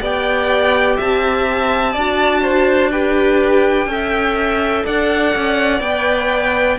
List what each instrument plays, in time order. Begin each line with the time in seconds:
0.00 cello B3, viola G4, violin D5 G5
0.97 cello C4, violin E5 A5
1.92 cello D4, violin D5
1.99 viola F#4
2.42 violin C5
2.91 viola G4, violin B4 G5
3.86 cello C#4, viola A4, violin E5
4.85 cello D4, violin D5 F#5
5.35 cello C#4
5.81 cello B3, viola B4, violin G5